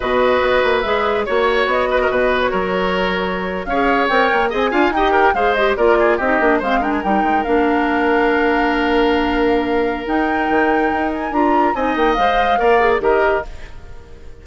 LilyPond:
<<
  \new Staff \with { instrumentName = "flute" } { \time 4/4 \tempo 4 = 143 dis''2 e''4 cis''4 | dis''4.~ dis''16 cis''2~ cis''16~ | cis''8. f''4 g''4 gis''4 g''16~ | g''8. f''8 dis''8 d''4 dis''4 f''16~ |
f''16 g''16 gis''16 g''4 f''2~ f''16~ | f''1 | g''2~ g''8 gis''8 ais''4 | gis''8 g''8 f''2 dis''4 | }
  \new Staff \with { instrumentName = "oboe" } { \time 4/4 b'2. cis''4~ | cis''8 b'16 ais'16 b'4 ais'2~ | ais'8. cis''2 dis''8 f''8 dis''16~ | dis''16 ais'8 c''4 ais'8 gis'8 g'4 c''16~ |
c''16 ais'2.~ ais'8.~ | ais'1~ | ais'1 | dis''2 d''4 ais'4 | }
  \new Staff \with { instrumentName = "clarinet" } { \time 4/4 fis'2 gis'4 fis'4~ | fis'1~ | fis'8. gis'4 ais'4 gis'8 f'8 g'16~ | g'8. gis'8 g'8 f'4 dis'8 d'8 c'16~ |
c'16 d'8 dis'4 d'2~ d'16~ | d'1 | dis'2. f'4 | dis'4 c''4 ais'8 gis'8 g'4 | }
  \new Staff \with { instrumentName = "bassoon" } { \time 4/4 b,4 b8 ais8 gis4 ais4 | b4 b,4 fis2~ | fis8. cis'4 c'8 ais8 c'8 d'8 dis'16~ | dis'8. gis4 ais4 c'8 ais8 gis16~ |
gis8. g8 gis8 ais2~ ais16~ | ais1 | dis'4 dis4 dis'4 d'4 | c'8 ais8 gis4 ais4 dis4 | }
>>